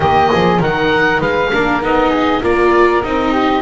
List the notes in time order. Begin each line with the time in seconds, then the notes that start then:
0.00 D#3 A#3 G4 D#5
0.31 F3 G#4
0.58 D#3 D#4 A#4 F#5
1.20 G#3 B4 F5
1.52 A#3 D4 A#4
1.81 B3 D#4 D#5
2.09 G#4
2.42 A#3 F4 A#4 D5
3.03 C4 D#4 D#5
3.32 G4